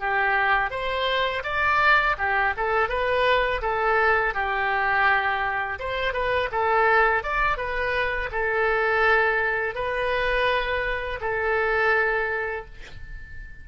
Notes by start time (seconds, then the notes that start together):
0.00 G4
0.71 C5
1.44 D5
2.18 G4
2.57 A4
2.89 B4
3.62 A4
4.35 G4
5.79 C5
6.13 B4
6.52 A4
7.24 D5
7.58 B4
8.32 A4
9.75 B4
11.21 A4